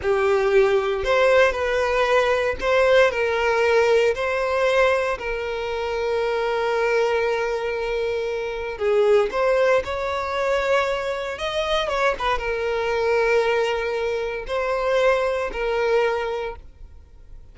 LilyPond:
\new Staff \with { instrumentName = "violin" } { \time 4/4 \tempo 4 = 116 g'2 c''4 b'4~ | b'4 c''4 ais'2 | c''2 ais'2~ | ais'1~ |
ais'4 gis'4 c''4 cis''4~ | cis''2 dis''4 cis''8 b'8 | ais'1 | c''2 ais'2 | }